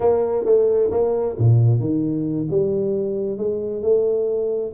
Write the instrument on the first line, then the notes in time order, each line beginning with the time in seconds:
tuba
0.00 A#3
0.45 A3
0.90 A#3
1.38 A#2
1.79 D#3
2.50 G3
3.37 G#3
3.82 A3